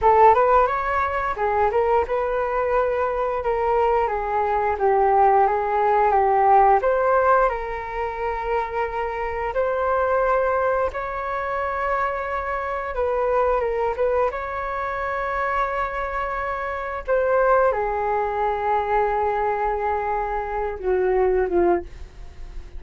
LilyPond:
\new Staff \with { instrumentName = "flute" } { \time 4/4 \tempo 4 = 88 a'8 b'8 cis''4 gis'8 ais'8 b'4~ | b'4 ais'4 gis'4 g'4 | gis'4 g'4 c''4 ais'4~ | ais'2 c''2 |
cis''2. b'4 | ais'8 b'8 cis''2.~ | cis''4 c''4 gis'2~ | gis'2~ gis'8 fis'4 f'8 | }